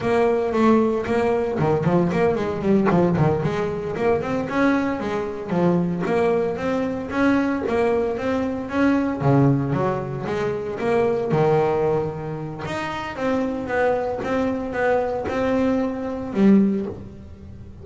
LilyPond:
\new Staff \with { instrumentName = "double bass" } { \time 4/4 \tempo 4 = 114 ais4 a4 ais4 dis8 f8 | ais8 gis8 g8 f8 dis8 gis4 ais8 | c'8 cis'4 gis4 f4 ais8~ | ais8 c'4 cis'4 ais4 c'8~ |
c'8 cis'4 cis4 fis4 gis8~ | gis8 ais4 dis2~ dis8 | dis'4 c'4 b4 c'4 | b4 c'2 g4 | }